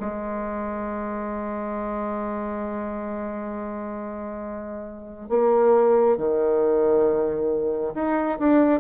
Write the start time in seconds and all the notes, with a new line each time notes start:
0.00 G#3
5.29 A#3
6.18 D#3
7.95 D#4
8.39 D4